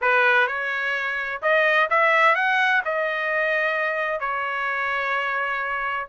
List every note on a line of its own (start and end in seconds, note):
0.01 0.47 B4
0.47 1.41 C#5
1.41 1.88 D#5
1.90 2.35 E5
2.35 2.82 F#5
2.84 4.20 D#5
4.20 6.07 C#5